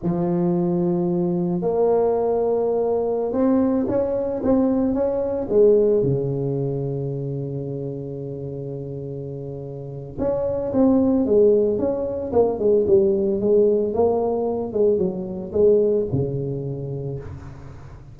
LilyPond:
\new Staff \with { instrumentName = "tuba" } { \time 4/4 \tempo 4 = 112 f2. ais4~ | ais2~ ais16 c'4 cis'8.~ | cis'16 c'4 cis'4 gis4 cis8.~ | cis1~ |
cis2. cis'4 | c'4 gis4 cis'4 ais8 gis8 | g4 gis4 ais4. gis8 | fis4 gis4 cis2 | }